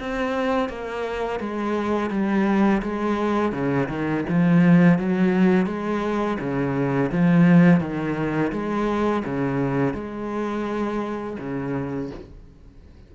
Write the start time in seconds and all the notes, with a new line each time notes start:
0.00 C4
0.69 A#3
1.40 G#3
2.11 G3
2.82 G#3
3.52 C#3
3.89 D#3
4.29 F3
4.99 F#3
5.67 G#3
6.40 C#3
7.12 F3
7.81 D#3
8.52 G#3
9.25 C#3
9.94 G#3
11.39 C#3